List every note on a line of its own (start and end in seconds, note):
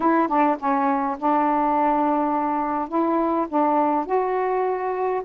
0.00 0.28 E4
0.28 0.57 D4
0.59 1.17 C#4
1.18 2.88 D4
2.88 3.46 E4
3.48 4.05 D4
4.05 5.22 F#4